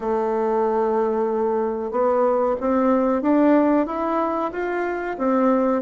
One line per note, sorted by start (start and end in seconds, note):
0.00 1.91 A3
1.91 2.55 B3
2.60 3.22 C4
3.22 3.86 D4
3.86 4.51 E4
4.52 5.16 F4
5.18 5.82 C4